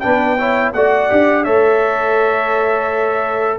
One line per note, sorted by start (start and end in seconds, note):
0.00 0.74 B3
0.00 0.38 D4
0.00 0.38 B4
0.00 0.71 G5
0.38 0.74 E4
0.38 0.74 C#5
0.73 1.10 A3
0.73 1.09 F#4
0.73 1.44 D5
0.73 1.44 F#5
1.09 1.46 D4
1.09 1.45 G4
1.44 3.58 A3
1.44 3.58 A4
1.44 3.58 C#5
1.44 3.58 E5